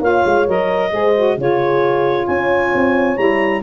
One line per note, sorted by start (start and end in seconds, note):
0.00 0.23 A#3
0.00 0.47 F4
0.00 0.92 C#5
0.00 0.48 F5
0.25 0.48 G#3
0.47 0.93 F#3
0.47 0.91 A#4
0.47 1.39 D#5
0.91 1.37 G#3
0.91 1.13 G#4
0.91 1.38 C5
1.16 1.37 F#4
1.37 2.27 C#3
1.37 3.16 F4
1.37 2.27 G#4
1.37 2.27 C#5
2.27 2.73 C#4
2.27 3.62 C#5
2.27 3.17 G#5
2.75 3.18 C4
3.16 3.62 G3
3.16 3.61 E4
3.16 3.62 A#5